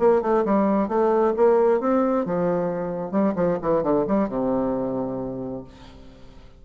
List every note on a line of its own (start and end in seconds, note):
0.00 0.22 A#3
0.22 0.45 A3
0.46 0.89 G3
0.89 1.34 A3
1.37 1.81 A#3
1.81 2.26 C4
2.26 3.12 F3
3.12 3.34 G3
3.36 3.59 F3
3.62 3.83 E3
3.83 4.06 D3
4.08 4.29 G3
4.29 5.64 C3